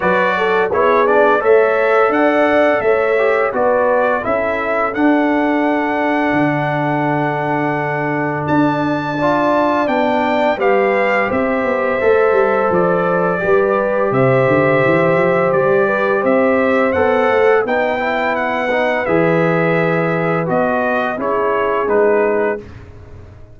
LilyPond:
<<
  \new Staff \with { instrumentName = "trumpet" } { \time 4/4 \tempo 4 = 85 d''4 cis''8 d''8 e''4 fis''4 | e''4 d''4 e''4 fis''4~ | fis''1 | a''2 g''4 f''4 |
e''2 d''2 | e''2 d''4 e''4 | fis''4 g''4 fis''4 e''4~ | e''4 dis''4 cis''4 b'4 | }
  \new Staff \with { instrumentName = "horn" } { \time 4/4 b'8 a'8 gis'4 cis''4 d''4 | cis''4 b'4 a'2~ | a'1~ | a'4 d''2 b'4 |
c''2. b'4 | c''2~ c''8 b'8 c''4~ | c''4 b'2.~ | b'2 gis'2 | }
  \new Staff \with { instrumentName = "trombone" } { \time 4/4 fis'4 e'8 d'8 a'2~ | a'8 g'8 fis'4 e'4 d'4~ | d'1~ | d'4 f'4 d'4 g'4~ |
g'4 a'2 g'4~ | g'1 | a'4 dis'8 e'4 dis'8 gis'4~ | gis'4 fis'4 e'4 dis'4 | }
  \new Staff \with { instrumentName = "tuba" } { \time 4/4 fis4 b4 a4 d'4 | a4 b4 cis'4 d'4~ | d'4 d2. | d'2 b4 g4 |
c'8 b8 a8 g8 f4 g4 | c8 d8 e8 f8 g4 c'4 | b8 a8 b2 e4~ | e4 b4 cis'4 gis4 | }
>>